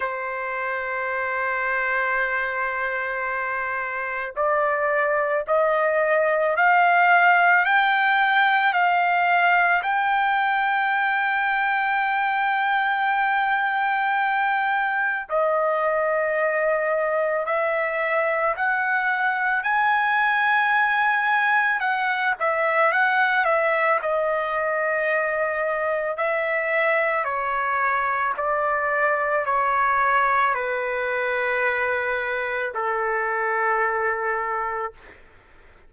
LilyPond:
\new Staff \with { instrumentName = "trumpet" } { \time 4/4 \tempo 4 = 55 c''1 | d''4 dis''4 f''4 g''4 | f''4 g''2.~ | g''2 dis''2 |
e''4 fis''4 gis''2 | fis''8 e''8 fis''8 e''8 dis''2 | e''4 cis''4 d''4 cis''4 | b'2 a'2 | }